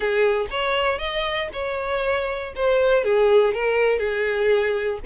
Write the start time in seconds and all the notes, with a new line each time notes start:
0.00 G#4
0.50 C#5
0.98 D#5
1.52 C#5
2.55 C5
3.03 G#4
3.53 A#4
3.98 G#4